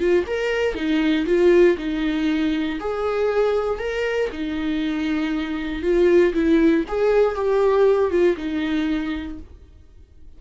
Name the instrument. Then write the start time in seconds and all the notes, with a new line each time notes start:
viola
0.00 F4
0.27 A#4
0.75 D#4
1.26 F4
1.78 D#4
2.81 G#4
3.79 A#4
4.32 D#4
5.83 F4
6.34 E4
6.88 G#4
7.36 G4
8.11 F4
8.37 D#4